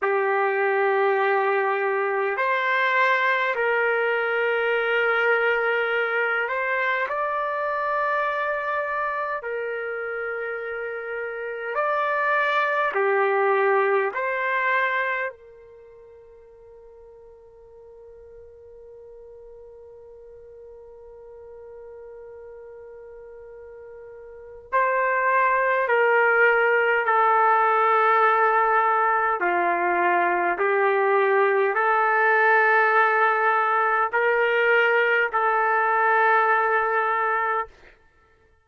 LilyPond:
\new Staff \with { instrumentName = "trumpet" } { \time 4/4 \tempo 4 = 51 g'2 c''4 ais'4~ | ais'4. c''8 d''2 | ais'2 d''4 g'4 | c''4 ais'2.~ |
ais'1~ | ais'4 c''4 ais'4 a'4~ | a'4 f'4 g'4 a'4~ | a'4 ais'4 a'2 | }